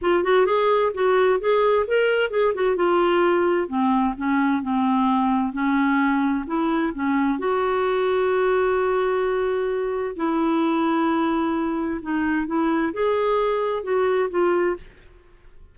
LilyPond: \new Staff \with { instrumentName = "clarinet" } { \time 4/4 \tempo 4 = 130 f'8 fis'8 gis'4 fis'4 gis'4 | ais'4 gis'8 fis'8 f'2 | c'4 cis'4 c'2 | cis'2 e'4 cis'4 |
fis'1~ | fis'2 e'2~ | e'2 dis'4 e'4 | gis'2 fis'4 f'4 | }